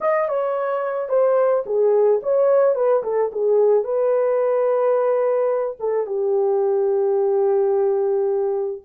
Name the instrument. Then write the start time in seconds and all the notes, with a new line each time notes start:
horn
0.01 D#5
0.28 C#5
1.09 C5
1.65 G#4
2.22 C#5
2.75 B4
3.03 A4
3.32 G#4
3.84 B4
5.79 A4
6.06 G4